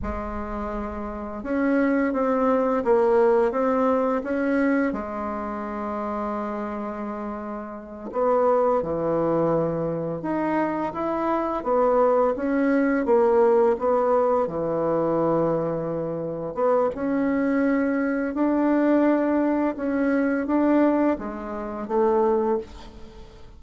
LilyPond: \new Staff \with { instrumentName = "bassoon" } { \time 4/4 \tempo 4 = 85 gis2 cis'4 c'4 | ais4 c'4 cis'4 gis4~ | gis2.~ gis8 b8~ | b8 e2 dis'4 e'8~ |
e'8 b4 cis'4 ais4 b8~ | b8 e2. b8 | cis'2 d'2 | cis'4 d'4 gis4 a4 | }